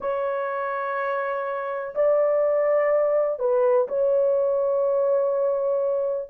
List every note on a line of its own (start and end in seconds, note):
0.00 1.94 C#5
1.94 3.39 D5
3.39 3.87 B4
3.88 6.29 C#5